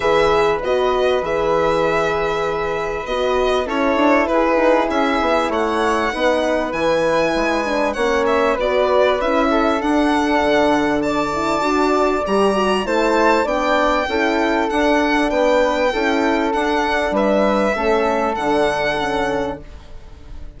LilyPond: <<
  \new Staff \with { instrumentName = "violin" } { \time 4/4 \tempo 4 = 98 e''4 dis''4 e''2~ | e''4 dis''4 cis''4 b'4 | e''4 fis''2 gis''4~ | gis''4 fis''8 e''8 d''4 e''4 |
fis''2 a''2 | ais''4 a''4 g''2 | fis''4 g''2 fis''4 | e''2 fis''2 | }
  \new Staff \with { instrumentName = "flute" } { \time 4/4 b'1~ | b'2 a'4 gis'4~ | gis'4 cis''4 b'2~ | b'4 cis''4 b'4. a'8~ |
a'2 d''2~ | d''4 c''4 d''4 a'4~ | a'4 b'4 a'2 | b'4 a'2. | }
  \new Staff \with { instrumentName = "horn" } { \time 4/4 gis'4 fis'4 gis'2~ | gis'4 fis'4 e'2~ | e'2 dis'4 e'4~ | e'8 d'8 cis'4 fis'4 e'4 |
d'2~ d'8 e'8 fis'4 | g'8 fis'8 e'4 d'4 e'4 | d'2 e'4 d'4~ | d'4 cis'4 d'4 cis'4 | }
  \new Staff \with { instrumentName = "bassoon" } { \time 4/4 e4 b4 e2~ | e4 b4 cis'8 d'8 e'8 dis'8 | cis'8 b8 a4 b4 e4 | gis4 ais4 b4 cis'4 |
d'4 d2 d'4 | g4 a4 b4 cis'4 | d'4 b4 cis'4 d'4 | g4 a4 d2 | }
>>